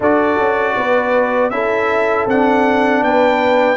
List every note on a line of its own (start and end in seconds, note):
0.00 0.37 D4
0.00 1.52 F#4
0.00 0.76 A4
0.00 1.50 D5
0.37 0.75 C#4
0.77 1.50 B3
0.77 1.53 B4
1.50 2.26 C#4
1.50 2.28 E4
1.50 3.04 A4
1.50 2.25 E5
2.26 3.02 C4
2.26 3.77 D4
2.26 3.03 F#5
3.02 3.77 B3
3.02 3.77 B4
3.02 3.77 G5